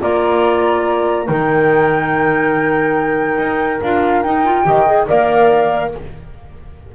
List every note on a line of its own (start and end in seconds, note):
0.00 1.29 A#3
0.00 1.26 F4
0.00 1.27 D5
0.00 1.27 A#5
1.26 3.38 D#3
1.26 3.80 D#4
1.26 4.65 A#4
1.26 3.81 G5
3.38 3.80 D#4
3.82 4.25 D4
3.82 4.25 F4
3.82 4.23 F5
4.23 4.66 D#4
4.23 4.45 D#4
4.23 5.07 G5
4.45 4.64 F4
4.64 5.08 D#3
4.64 4.86 G4
4.64 5.08 D#5
4.86 5.07 G#4
5.07 5.95 A#3
5.07 5.92 A#4
5.07 5.93 D5
5.07 5.93 F5